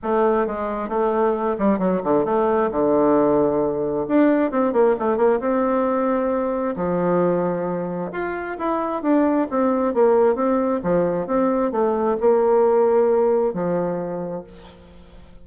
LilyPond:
\new Staff \with { instrumentName = "bassoon" } { \time 4/4 \tempo 4 = 133 a4 gis4 a4. g8 | fis8 d8 a4 d2~ | d4 d'4 c'8 ais8 a8 ais8 | c'2. f4~ |
f2 f'4 e'4 | d'4 c'4 ais4 c'4 | f4 c'4 a4 ais4~ | ais2 f2 | }